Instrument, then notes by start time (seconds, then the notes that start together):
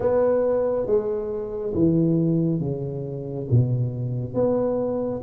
tuba
0.00 B3
0.86 G#3
1.74 E3
2.59 C#3
3.51 B2
4.34 B3